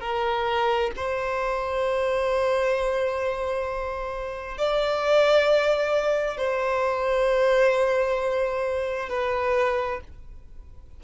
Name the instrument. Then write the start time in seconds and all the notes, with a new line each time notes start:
violin
0.00 A#4
0.96 C5
4.58 D5
6.38 C5
9.09 B4